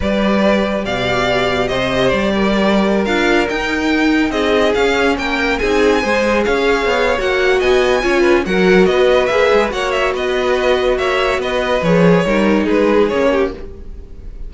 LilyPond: <<
  \new Staff \with { instrumentName = "violin" } { \time 4/4 \tempo 4 = 142 d''2 f''2 | dis''4 d''2~ d''16 f''8.~ | f''16 g''2 dis''4 f''8.~ | f''16 g''4 gis''2 f''8.~ |
f''4 fis''4 gis''2 | fis''4 dis''4 e''4 fis''8 e''8 | dis''2 e''4 dis''4 | cis''2 b'4 cis''4 | }
  \new Staff \with { instrumentName = "violin" } { \time 4/4 b'2 d''2 | c''4. ais'2~ ais'8~ | ais'2~ ais'16 gis'4.~ gis'16~ | gis'16 ais'4 gis'4 c''4 cis''8.~ |
cis''2 dis''4 cis''8 b'8 | ais'4 b'2 cis''4 | b'2 cis''4 b'4~ | b'4 ais'4 gis'4. g'8 | }
  \new Staff \with { instrumentName = "viola" } { \time 4/4 g'1~ | g'2.~ g'16 f'8.~ | f'16 dis'2. cis'8.~ | cis'4~ cis'16 dis'4 gis'4.~ gis'16~ |
gis'4 fis'2 f'4 | fis'2 gis'4 fis'4~ | fis'1 | gis'4 dis'2 cis'4 | }
  \new Staff \with { instrumentName = "cello" } { \time 4/4 g2 b,2 | c4 g2~ g16 d'8.~ | d'16 dis'2 c'4 cis'8.~ | cis'16 ais4 c'4 gis4 cis'8.~ |
cis'16 b8. ais4 b4 cis'4 | fis4 b4 ais8 gis8 ais4 | b2 ais4 b4 | f4 g4 gis4 ais4 | }
>>